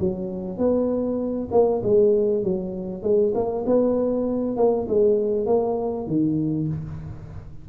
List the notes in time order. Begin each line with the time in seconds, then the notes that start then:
0.00 F#3
0.58 B3
1.52 A#3
1.83 G#3
2.44 F#3
3.03 G#3
3.35 A#3
3.66 B3
4.57 A#3
4.88 G#3
5.47 A#3
6.07 D#3